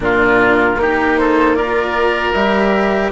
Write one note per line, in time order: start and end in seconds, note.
0.00 0.76 A#2
0.00 0.74 D4
0.00 0.81 F4
0.00 1.17 A#4
0.76 2.32 A#3
0.76 1.55 D#4
0.76 1.20 G4
1.17 1.56 A4
1.17 1.54 C5
1.54 2.33 F4
1.54 3.12 A#4
1.54 2.32 D5
2.33 3.11 G3
2.33 3.12 G4
2.33 3.11 E5